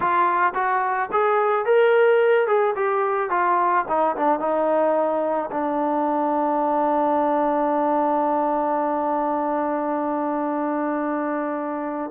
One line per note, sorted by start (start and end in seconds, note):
0.00 0.53 F4
0.54 1.09 F#4
1.12 1.65 G#4
1.65 2.47 A#4
2.47 2.74 G#4
2.75 3.30 G4
3.30 3.85 F4
3.88 4.16 D#4
4.16 4.39 D4
4.39 5.49 D#4
5.51 12.11 D4